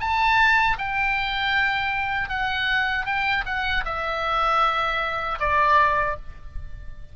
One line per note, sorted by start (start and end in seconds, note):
0.00 0.77 A5
0.78 2.29 G5
2.29 3.06 F#5
3.06 3.44 G5
3.45 3.84 F#5
3.85 5.38 E5
5.39 6.16 D5